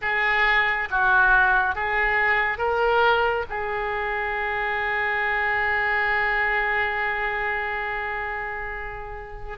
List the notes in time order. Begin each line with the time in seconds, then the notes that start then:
0.01 G#4
0.90 F#4
1.75 G#4
2.58 A#4
3.49 G#4